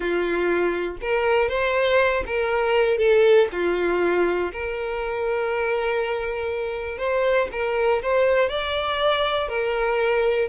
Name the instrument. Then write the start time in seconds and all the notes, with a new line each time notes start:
violin
0.00 F4
1.01 A#4
1.48 C5
2.26 A#4
2.97 A4
3.52 F4
4.52 A#4
6.98 C5
7.52 A#4
8.02 C5
8.49 D5
9.48 A#4